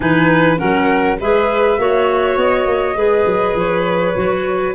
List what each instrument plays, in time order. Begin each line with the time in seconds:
0.00 tuba E3, clarinet D#4, violin B4, flute G#5
0.57 tuba F#3, clarinet C#4, violin A#4, flute F#5
1.20 tuba G#3, clarinet G#4, violin B4, flute E5
1.78 tuba A#3, clarinet F#4, violin C#5
2.37 tuba B3, flute D#5
2.66 tuba A#3
2.95 tuba G#3, clarinet G#4, violin B4
3.25 tuba F#3
3.54 tuba F3, flute C#5
4.15 tuba F#3, clarinet F#4